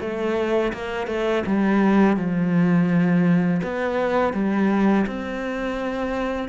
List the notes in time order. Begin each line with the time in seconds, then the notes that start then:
0.00 A3
0.73 A#3
1.07 A3
1.46 G3
2.17 F3
3.63 B3
4.33 G3
5.06 C4